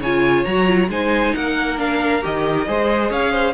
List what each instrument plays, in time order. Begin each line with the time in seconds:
0.00 cello C#3, viola F4, violin C#5 G#5
0.45 cello F#3, viola F#4, violin A#5
0.68 viola F4
0.89 cello G#3, viola D#4, violin C5 G#5
1.35 cello A#3, violin A#4 F#5
1.78 viola D4, violin F5
2.22 cello D#3, viola G4, violin D#5
2.68 cello G#3, viola G#4, violin C5
3.10 cello C#4, violin C#5 F5
3.32 violin C5